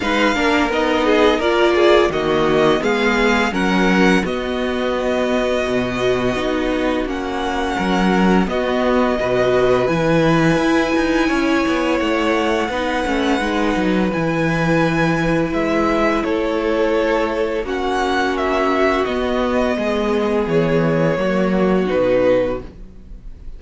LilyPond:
<<
  \new Staff \with { instrumentName = "violin" } { \time 4/4 \tempo 4 = 85 f''4 dis''4 d''4 dis''4 | f''4 fis''4 dis''2~ | dis''2 fis''2 | dis''2 gis''2~ |
gis''4 fis''2. | gis''2 e''4 cis''4~ | cis''4 fis''4 e''4 dis''4~ | dis''4 cis''2 b'4 | }
  \new Staff \with { instrumentName = "violin" } { \time 4/4 b'8 ais'4 gis'8 ais'8 gis'8 fis'4 | gis'4 ais'4 fis'2~ | fis'2. ais'4 | fis'4 b'2. |
cis''2 b'2~ | b'2. a'4~ | a'4 fis'2. | gis'2 fis'2 | }
  \new Staff \with { instrumentName = "viola" } { \time 4/4 dis'8 d'8 dis'4 f'4 ais4 | b4 cis'4 b2~ | b4 dis'4 cis'2 | b4 fis'4 e'2~ |
e'2 dis'8 cis'8 dis'4 | e'1~ | e'4 cis'2 b4~ | b2 ais4 dis'4 | }
  \new Staff \with { instrumentName = "cello" } { \time 4/4 gis8 ais8 b4 ais4 dis4 | gis4 fis4 b2 | b,4 b4 ais4 fis4 | b4 b,4 e4 e'8 dis'8 |
cis'8 b8 a4 b8 a8 gis8 fis8 | e2 gis4 a4~ | a4 ais2 b4 | gis4 e4 fis4 b,4 | }
>>